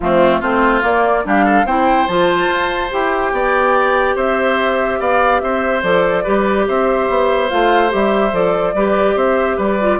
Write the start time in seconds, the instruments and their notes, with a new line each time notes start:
0.00 bassoon F3, clarinet A3, oboe C4, flute F4
0.39 bassoon A3, clarinet C4, oboe F4, flute C5
0.81 clarinet A#3, bassoon A#3, flute D5
1.23 bassoon G3, clarinet D4, oboe G4, flute F5
1.44 oboe A4
1.64 bassoon C4, clarinet E4, oboe C5, flute G5
2.07 bassoon F3, clarinet F4, flute A5
2.47 bassoon F4
2.90 bassoon E4, clarinet G4, flute G5
3.32 bassoon B3, oboe D5
4.15 bassoon C4, oboe C5, flute E5
4.99 bassoon B3, oboe D5, flute F5
5.40 bassoon C4, oboe C5, flute E5
5.82 bassoon F3, clarinet A4, flute D5
6.23 bassoon G3, clarinet G4, oboe B4
6.67 bassoon C4, oboe C5, flute E5
7.08 bassoon B3
7.49 bassoon A3, clarinet F4, flute F5
7.89 bassoon G3, clarinet G4, flute E5
8.32 bassoon F3, clarinet A4, flute D5
8.74 bassoon G3, clarinet G4, oboe B4
9.15 bassoon C4, oboe C5, flute E5
9.56 bassoon G3, oboe B4, flute D5
9.80 clarinet F4